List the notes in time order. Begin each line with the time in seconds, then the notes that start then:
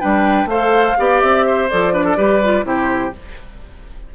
0.00 G3 D4 B4 G5
0.46 A3 A4 C5 F5
0.97 B3 G4 D5
1.21 C4 E5
1.46 C5
1.69 F3 A4 D5
1.93 D4 B4
2.05 A4
2.17 G3 G4 B4
2.43 F4
2.63 C3 E4 G4 C5